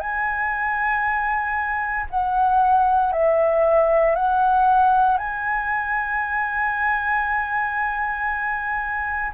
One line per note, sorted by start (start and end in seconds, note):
0.00 2.07 G#5
2.10 3.13 F#5
3.13 4.16 E5
4.16 5.18 F#5
5.18 9.32 G#5